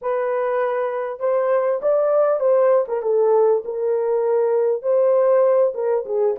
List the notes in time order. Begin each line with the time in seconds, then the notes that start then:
0.01 B4
1.19 C5
1.82 D5
2.39 C5
2.88 A#4
3.02 A4
3.64 A#4
4.82 C5
5.74 A#4
6.05 G#4